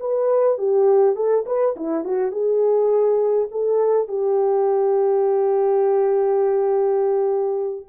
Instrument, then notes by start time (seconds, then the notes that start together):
horn
0.00 B4
0.58 G4
1.15 A4
1.46 B4
1.76 E4
2.04 F#4
2.32 G#4
3.51 A4
4.08 G4